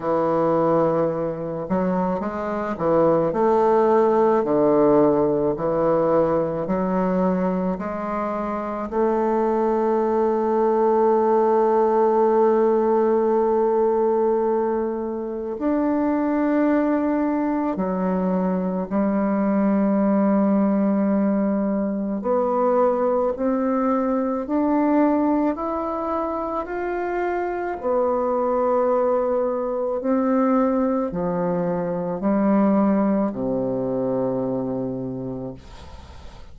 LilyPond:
\new Staff \with { instrumentName = "bassoon" } { \time 4/4 \tempo 4 = 54 e4. fis8 gis8 e8 a4 | d4 e4 fis4 gis4 | a1~ | a2 d'2 |
fis4 g2. | b4 c'4 d'4 e'4 | f'4 b2 c'4 | f4 g4 c2 | }